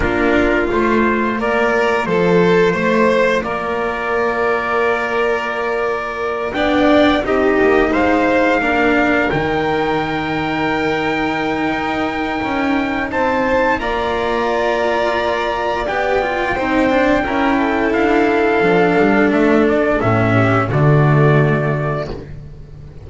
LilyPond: <<
  \new Staff \with { instrumentName = "trumpet" } { \time 4/4 \tempo 4 = 87 ais'4 c''4 d''4 c''4~ | c''4 d''2.~ | d''4. g''4 dis''4 f''8~ | f''4. g''2~ g''8~ |
g''2. a''4 | ais''2. g''4~ | g''2 f''2 | e''8 d''8 e''4 d''2 | }
  \new Staff \with { instrumentName = "violin" } { \time 4/4 f'2 ais'4 a'4 | c''4 ais'2.~ | ais'4. d''4 g'4 c''8~ | c''8 ais'2.~ ais'8~ |
ais'2. c''4 | d''1 | c''4 ais'8 a'2~ a'8~ | a'4. g'8 fis'2 | }
  \new Staff \with { instrumentName = "cello" } { \time 4/4 d'4 f'2.~ | f'1~ | f'4. d'4 dis'4.~ | dis'8 d'4 dis'2~ dis'8~ |
dis'1 | f'2. g'8 f'8 | dis'8 d'8 e'2 d'4~ | d'4 cis'4 a2 | }
  \new Staff \with { instrumentName = "double bass" } { \time 4/4 ais4 a4 ais4 f4 | a4 ais2.~ | ais4. b4 c'8 ais8 gis8~ | gis8 ais4 dis2~ dis8~ |
dis4 dis'4 cis'4 c'4 | ais2. b4 | c'4 cis'4 d'4 f8 g8 | a4 a,4 d2 | }
>>